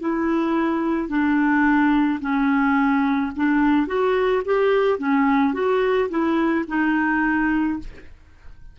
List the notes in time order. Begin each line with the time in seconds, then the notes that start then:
0.00 E4
1.09 D4
2.21 C#4
3.36 D4
3.87 F#4
4.45 G4
4.99 C#4
5.54 F#4
6.10 E4
6.68 D#4